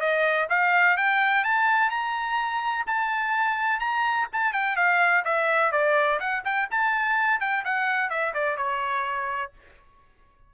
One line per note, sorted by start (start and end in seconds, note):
0.00 0.48 D#5
0.50 0.97 F5
0.97 1.44 G5
1.44 1.90 A5
1.90 2.85 A#5
2.87 3.80 A5
3.80 4.27 A#5
4.33 4.53 A5
4.53 4.76 G5
4.76 5.24 F5
5.25 5.72 E5
5.72 6.19 D5
6.20 6.44 F#5
6.45 6.69 G5
6.71 7.40 A5
7.40 7.64 G5
7.65 8.10 F#5
8.10 8.34 E5
8.34 8.57 D5
8.57 9.52 C#5